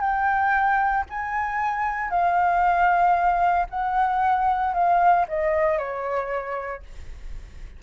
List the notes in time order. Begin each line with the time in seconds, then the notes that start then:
0.00 G5
1.10 G#5
2.10 F5
3.69 F#5
4.74 F5
5.28 D#5
5.78 C#5